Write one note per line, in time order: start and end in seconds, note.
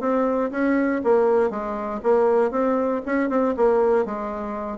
0.00 0.50 C4
0.51 1.01 C#4
1.03 1.50 A#3
1.50 2.00 G#3
2.03 2.50 A#3
2.50 3.01 C4
3.06 3.29 C#4
3.29 3.54 C4
3.56 4.05 A#3
4.05 4.78 G#3